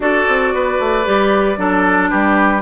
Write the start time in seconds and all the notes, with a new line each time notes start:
0.00 D4 F#4 A4 D5
0.28 C4
0.54 B3 B4
0.79 A3
1.04 G3 G4
1.56 F#3 D4 A4
2.09 G3 G4 B4